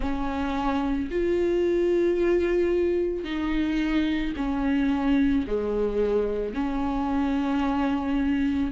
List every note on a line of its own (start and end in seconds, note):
0.00 1.09 C#4
1.11 3.24 F4
3.24 4.33 D#4
4.36 5.45 C#4
5.47 6.54 G#3
6.54 8.72 C#4